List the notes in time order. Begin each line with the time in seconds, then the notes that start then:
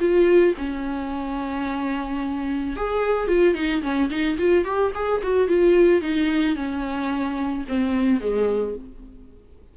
0.00 F4
0.58 C#4
2.77 G#4
3.28 F4
3.55 D#4
3.83 C#4
4.10 D#4
4.38 F4
4.65 G4
4.95 G#4
5.23 F#4
5.49 F4
6.02 D#4
6.56 C#4
7.68 C4
8.21 G#3